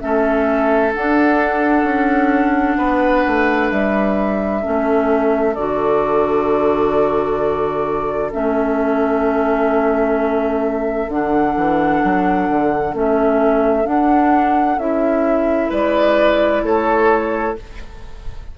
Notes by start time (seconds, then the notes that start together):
0.00 A3 C#4 A4 E5
0.93 D4 F#5
1.83 C#4
2.77 B3 B4
3.27 A3
3.70 G3 E5
4.62 A3 C#4 A4
5.54 D3 F#4 D5
8.32 A3 C#4 E5
11.08 D3 D4 F#5
11.56 E3
12.03 F#3
12.49 D3
12.93 A3 C#4 E5
13.84 D4 F#5
14.77 C#4 E4 E5
15.69 G#3 B4 D5
16.62 A3 A4 C#5